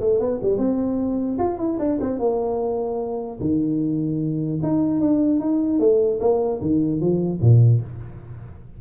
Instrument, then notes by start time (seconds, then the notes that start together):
tuba
0.00 A3
0.20 B3
0.42 G3
0.57 C4
1.38 F4
1.58 E4
1.79 D4
2.00 C4
2.19 A#3
3.40 D#3
4.62 D#4
5.01 D4
5.40 D#4
5.79 A3
6.20 A#3
6.61 D#3
7.00 F3
7.41 A#2